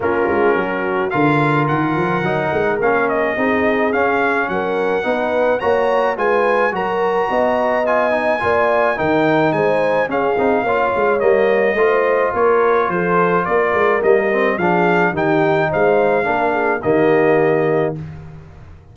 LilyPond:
<<
  \new Staff \with { instrumentName = "trumpet" } { \time 4/4 \tempo 4 = 107 ais'2 f''4 fis''4~ | fis''4 f''8 dis''4. f''4 | fis''2 ais''4 gis''4 | ais''2 gis''2 |
g''4 gis''4 f''2 | dis''2 cis''4 c''4 | d''4 dis''4 f''4 g''4 | f''2 dis''2 | }
  \new Staff \with { instrumentName = "horn" } { \time 4/4 f'4 fis'4 ais'2~ | ais'2 gis'2 | ais'4 b'4 cis''4 b'4 | ais'4 dis''2 d''4 |
ais'4 c''4 gis'4 cis''4~ | cis''4 c''4 ais'4 a'4 | ais'2 gis'4 g'4 | c''4 ais'8 gis'8 g'2 | }
  \new Staff \with { instrumentName = "trombone" } { \time 4/4 cis'2 f'2 | dis'4 cis'4 dis'4 cis'4~ | cis'4 dis'4 fis'4 f'4 | fis'2 f'8 dis'8 f'4 |
dis'2 cis'8 dis'8 f'4 | ais4 f'2.~ | f'4 ais8 c'8 d'4 dis'4~ | dis'4 d'4 ais2 | }
  \new Staff \with { instrumentName = "tuba" } { \time 4/4 ais8 gis8 fis4 d4 dis8 f8 | fis8 gis8 ais4 c'4 cis'4 | fis4 b4 ais4 gis4 | fis4 b2 ais4 |
dis4 gis4 cis'8 c'8 ais8 gis8 | g4 a4 ais4 f4 | ais8 gis8 g4 f4 dis4 | gis4 ais4 dis2 | }
>>